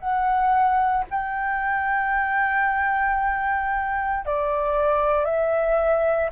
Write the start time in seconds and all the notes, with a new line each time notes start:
0.00 F#5
1.11 G5
4.26 D5
5.25 E5